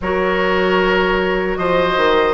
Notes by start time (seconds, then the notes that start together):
0.01 F#3 F#4 A#4 C#5
1.57 F3 C5 D#5
1.96 D#3